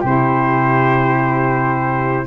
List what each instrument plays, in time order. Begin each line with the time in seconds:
0.00 tuba C3, saxophone E4, flute G4, trumpet C5